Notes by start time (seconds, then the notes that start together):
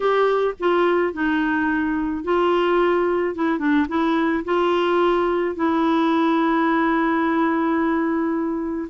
0.00 G4
0.59 F4
1.13 D#4
2.23 F4
3.35 E4
3.58 D4
3.88 E4
4.44 F4
5.55 E4